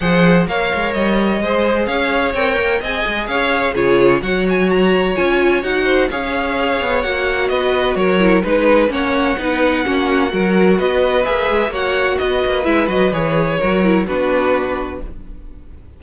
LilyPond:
<<
  \new Staff \with { instrumentName = "violin" } { \time 4/4 \tempo 4 = 128 fis''4 f''4 dis''2 | f''4 g''4 gis''4 f''4 | cis''4 fis''8 gis''8 ais''4 gis''4 | fis''4 f''2 fis''4 |
dis''4 cis''4 b'4 fis''4~ | fis''2. dis''4 | e''4 fis''4 dis''4 e''8 dis''8 | cis''2 b'2 | }
  \new Staff \with { instrumentName = "violin" } { \time 4/4 c''4 cis''2 c''4 | cis''2 dis''4 cis''4 | gis'4 cis''2.~ | cis''8 c''8 cis''2. |
b'4 ais'4 b'4 cis''4 | b'4 fis'4 ais'4 b'4~ | b'4 cis''4 b'2~ | b'4 ais'4 fis'2 | }
  \new Staff \with { instrumentName = "viola" } { \time 4/4 gis'4 ais'2 gis'4~ | gis'4 ais'4 gis'2 | f'4 fis'2 f'4 | fis'4 gis'2 fis'4~ |
fis'4. e'8 dis'4 cis'4 | dis'4 cis'4 fis'2 | gis'4 fis'2 e'8 fis'8 | gis'4 fis'8 e'8 d'2 | }
  \new Staff \with { instrumentName = "cello" } { \time 4/4 f4 ais8 gis8 g4 gis4 | cis'4 c'8 ais8 c'8 gis8 cis'4 | cis4 fis2 cis'4 | dis'4 cis'4. b8 ais4 |
b4 fis4 gis4 ais4 | b4 ais4 fis4 b4 | ais8 gis8 ais4 b8 ais8 gis8 fis8 | e4 fis4 b2 | }
>>